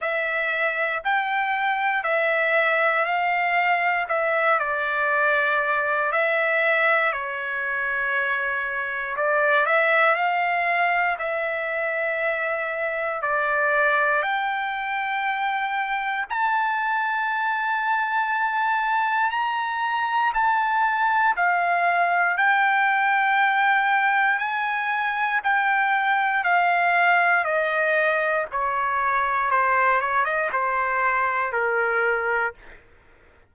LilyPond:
\new Staff \with { instrumentName = "trumpet" } { \time 4/4 \tempo 4 = 59 e''4 g''4 e''4 f''4 | e''8 d''4. e''4 cis''4~ | cis''4 d''8 e''8 f''4 e''4~ | e''4 d''4 g''2 |
a''2. ais''4 | a''4 f''4 g''2 | gis''4 g''4 f''4 dis''4 | cis''4 c''8 cis''16 dis''16 c''4 ais'4 | }